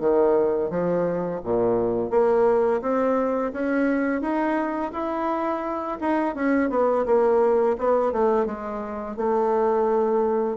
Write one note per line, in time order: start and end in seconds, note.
0.00 0.70 D#3
0.70 1.41 F3
1.44 2.10 A#2
2.10 2.81 A#3
2.82 3.52 C4
3.53 4.22 C#4
4.22 4.92 D#4
4.93 5.98 E4
6.01 6.35 D#4
6.35 6.70 C#4
6.70 7.06 B3
7.06 7.77 A#3
7.79 8.12 B3
8.12 8.46 A3
8.46 9.17 G#3
9.17 10.57 A3